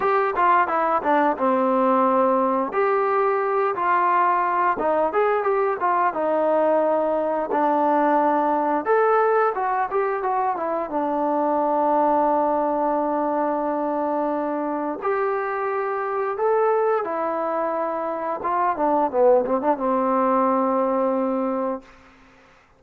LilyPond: \new Staff \with { instrumentName = "trombone" } { \time 4/4 \tempo 4 = 88 g'8 f'8 e'8 d'8 c'2 | g'4. f'4. dis'8 gis'8 | g'8 f'8 dis'2 d'4~ | d'4 a'4 fis'8 g'8 fis'8 e'8 |
d'1~ | d'2 g'2 | a'4 e'2 f'8 d'8 | b8 c'16 d'16 c'2. | }